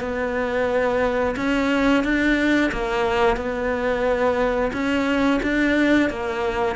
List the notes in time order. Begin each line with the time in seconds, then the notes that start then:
0.00 B3
1.36 C#4
2.03 D4
2.72 A#3
3.36 B3
4.73 C#4
5.42 D4
6.09 A#3